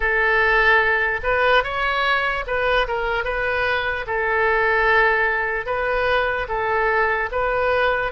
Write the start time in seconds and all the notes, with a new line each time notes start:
0.00 A4
1.23 B4
1.63 C#5
2.46 B4
2.87 A#4
3.24 B4
4.07 A4
5.65 B4
6.48 A4
7.31 B4